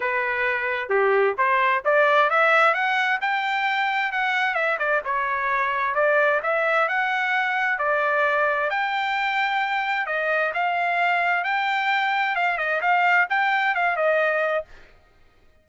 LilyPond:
\new Staff \with { instrumentName = "trumpet" } { \time 4/4 \tempo 4 = 131 b'2 g'4 c''4 | d''4 e''4 fis''4 g''4~ | g''4 fis''4 e''8 d''8 cis''4~ | cis''4 d''4 e''4 fis''4~ |
fis''4 d''2 g''4~ | g''2 dis''4 f''4~ | f''4 g''2 f''8 dis''8 | f''4 g''4 f''8 dis''4. | }